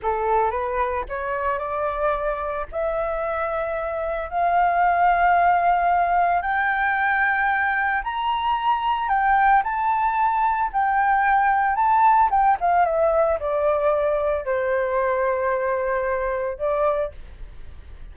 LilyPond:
\new Staff \with { instrumentName = "flute" } { \time 4/4 \tempo 4 = 112 a'4 b'4 cis''4 d''4~ | d''4 e''2. | f''1 | g''2. ais''4~ |
ais''4 g''4 a''2 | g''2 a''4 g''8 f''8 | e''4 d''2 c''4~ | c''2. d''4 | }